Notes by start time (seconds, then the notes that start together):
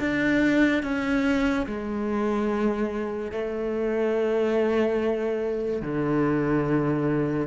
0.00 D4
0.83 C#4
1.67 G#3
3.32 A3
5.82 D3